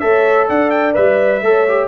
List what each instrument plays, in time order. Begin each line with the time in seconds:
0.00 tuba A3, trombone A4, horn C#5, trumpet E5
0.48 tuba D4, horn D5, trumpet F#5
0.71 trumpet G5
0.94 tuba G3, trombone B4, trumpet E5
1.42 tuba A3, trombone A4, horn C#5
1.69 trombone G4